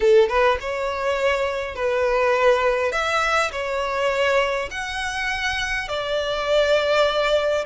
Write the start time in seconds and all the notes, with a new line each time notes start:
0.00 A4
0.28 B4
0.60 C#5
1.75 B4
2.92 E5
3.51 C#5
4.70 F#5
5.88 D5